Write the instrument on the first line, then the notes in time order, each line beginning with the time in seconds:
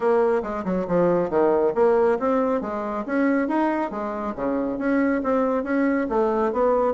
bassoon
0.00 A#3
0.42 G#3
0.64 F#3
0.87 F3
1.29 D#3
1.75 A#3
2.19 C4
2.61 G#3
3.06 C#4
3.48 D#4
3.90 G#3
4.35 C#3
4.78 C#4
5.23 C4
5.63 C#4
6.09 A3
6.52 B3